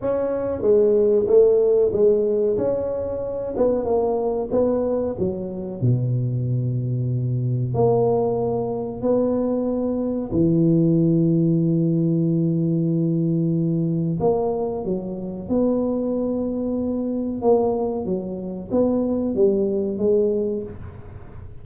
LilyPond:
\new Staff \with { instrumentName = "tuba" } { \time 4/4 \tempo 4 = 93 cis'4 gis4 a4 gis4 | cis'4. b8 ais4 b4 | fis4 b,2. | ais2 b2 |
e1~ | e2 ais4 fis4 | b2. ais4 | fis4 b4 g4 gis4 | }